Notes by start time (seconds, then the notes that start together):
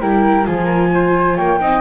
0.00 G3 E4 A#4 G5
0.45 F3 F4 G#4 G#5
0.65 A#4
0.93 C5
1.36 A#3 C#5 G5
1.60 C4 D#4 D#5